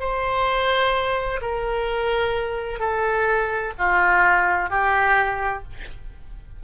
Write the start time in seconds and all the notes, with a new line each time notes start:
0.00 C5
1.42 A#4
2.80 A4
3.79 F4
4.70 G4